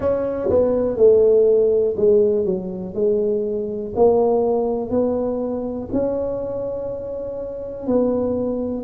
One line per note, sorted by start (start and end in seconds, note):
0.00 0.49 C#4
0.49 0.97 B3
0.97 1.95 A3
1.96 2.45 G#3
2.45 2.94 F#3
2.94 3.93 G#3
3.95 4.90 A#3
4.90 5.88 B3
5.92 7.86 C#4
7.86 8.83 B3